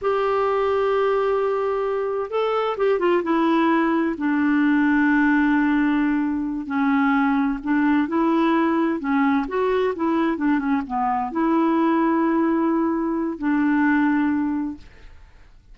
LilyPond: \new Staff \with { instrumentName = "clarinet" } { \time 4/4 \tempo 4 = 130 g'1~ | g'4 a'4 g'8 f'8 e'4~ | e'4 d'2.~ | d'2~ d'8 cis'4.~ |
cis'8 d'4 e'2 cis'8~ | cis'8 fis'4 e'4 d'8 cis'8 b8~ | b8 e'2.~ e'8~ | e'4 d'2. | }